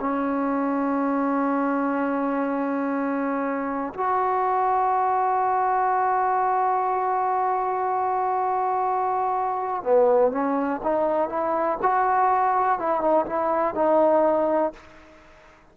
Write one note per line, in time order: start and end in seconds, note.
0.00 3.93 C#4
3.94 9.83 F#4
9.83 10.31 B3
10.31 10.81 C#4
10.83 11.29 D#4
11.29 11.78 E4
11.83 12.79 F#4
12.79 13.01 E4
13.01 13.26 D#4
13.26 13.74 E4
13.74 14.73 D#4